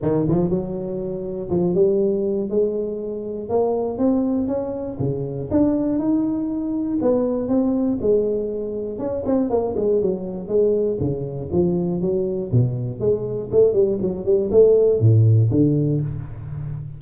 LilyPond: \new Staff \with { instrumentName = "tuba" } { \time 4/4 \tempo 4 = 120 dis8 f8 fis2 f8 g8~ | g4 gis2 ais4 | c'4 cis'4 cis4 d'4 | dis'2 b4 c'4 |
gis2 cis'8 c'8 ais8 gis8 | fis4 gis4 cis4 f4 | fis4 b,4 gis4 a8 g8 | fis8 g8 a4 a,4 d4 | }